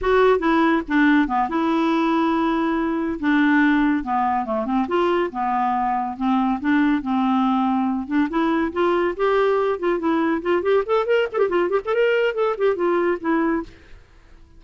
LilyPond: \new Staff \with { instrumentName = "clarinet" } { \time 4/4 \tempo 4 = 141 fis'4 e'4 d'4 b8 e'8~ | e'2.~ e'8 d'8~ | d'4. b4 a8 c'8 f'8~ | f'8 b2 c'4 d'8~ |
d'8 c'2~ c'8 d'8 e'8~ | e'8 f'4 g'4. f'8 e'8~ | e'8 f'8 g'8 a'8 ais'8 a'16 g'16 f'8 g'16 a'16 | ais'4 a'8 g'8 f'4 e'4 | }